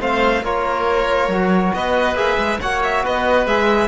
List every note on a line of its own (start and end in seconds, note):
0.00 0.43 A3
0.00 0.43 C4
0.00 0.44 C5
0.00 0.45 F5
0.43 1.28 A#3
0.43 1.31 F4
0.43 1.75 A#4
0.43 1.74 C#5
1.28 1.72 F#3
1.28 2.16 F#4
1.74 2.15 B3
1.74 2.61 B4
1.74 2.17 D#5
2.15 2.37 A#3
2.15 2.59 G#4
2.15 2.61 E5
2.38 2.60 G#3
2.61 3.06 A#3
2.61 3.48 F#4
2.61 3.04 C#5
2.61 2.83 F#5
2.84 3.05 E5
3.04 3.47 B3
3.04 3.88 B4
3.04 3.47 D#5
3.47 3.88 G#3
3.47 3.88 G#4
3.47 3.88 E5